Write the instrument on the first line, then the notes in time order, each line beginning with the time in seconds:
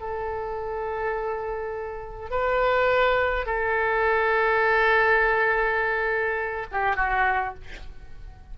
oboe
0.00 A4
2.30 B4
3.46 A4
6.71 G4
6.96 F#4